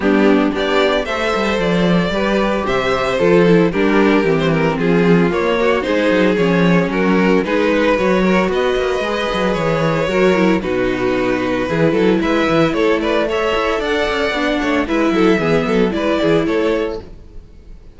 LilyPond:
<<
  \new Staff \with { instrumentName = "violin" } { \time 4/4 \tempo 4 = 113 g'4 d''4 e''4 d''4~ | d''4 e''4 a'4 ais'4~ | ais'16 c''16 ais'8 gis'4 cis''4 c''4 | cis''4 ais'4 b'4 cis''4 |
dis''2 cis''2 | b'2. e''4 | cis''8 d''8 e''4 fis''2 | e''2 d''4 cis''4 | }
  \new Staff \with { instrumentName = "violin" } { \time 4/4 d'4 g'4 c''2 | b'4 c''2 g'4~ | g'4 f'4. fis'8 gis'4~ | gis'4 fis'4 gis'8 b'4 ais'8 |
b'2. ais'4 | fis'2 gis'8 a'8 b'4 | a'8 b'8 cis''4 d''4. cis''8 | b'8 a'8 gis'8 a'8 b'8 gis'8 a'4 | }
  \new Staff \with { instrumentName = "viola" } { \time 4/4 b4 d'4 a'2 | g'2 f'8 e'8 d'4 | c'2 ais4 dis'4 | cis'2 dis'4 fis'4~ |
fis'4 gis'2 fis'8 e'8 | dis'2 e'2~ | e'4 a'2 d'4 | e'4 b4 e'2 | }
  \new Staff \with { instrumentName = "cello" } { \time 4/4 g4 b4 a8 g8 f4 | g4 c4 f4 g4 | e4 f4 ais4 gis8 fis8 | f4 fis4 gis4 fis4 |
b8 ais8 gis8 fis8 e4 fis4 | b,2 e8 fis8 gis8 e8 | a4. e'8 d'8 cis'8 b8 a8 | gis8 fis8 e8 fis8 gis8 e8 a4 | }
>>